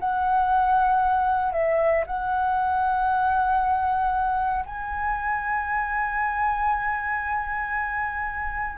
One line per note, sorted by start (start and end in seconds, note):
0.00 1.52 F#5
1.52 2.04 E5
2.07 4.66 F#5
4.66 8.78 G#5